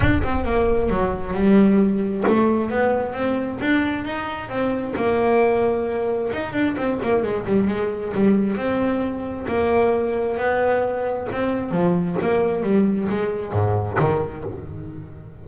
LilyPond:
\new Staff \with { instrumentName = "double bass" } { \time 4/4 \tempo 4 = 133 d'8 c'8 ais4 fis4 g4~ | g4 a4 b4 c'4 | d'4 dis'4 c'4 ais4~ | ais2 dis'8 d'8 c'8 ais8 |
gis8 g8 gis4 g4 c'4~ | c'4 ais2 b4~ | b4 c'4 f4 ais4 | g4 gis4 gis,4 dis4 | }